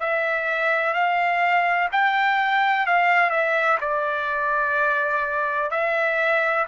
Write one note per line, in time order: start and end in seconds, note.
0.00 0.94 E5
0.94 1.89 F5
1.92 2.87 G5
2.87 3.30 F5
3.30 3.78 E5
3.81 5.71 D5
5.71 6.66 E5